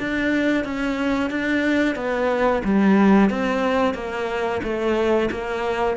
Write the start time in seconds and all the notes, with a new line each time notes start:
0.00 D4
0.64 C#4
1.31 D4
1.96 B3
2.65 G3
3.30 C4
3.95 A#3
4.63 A3
5.32 A#3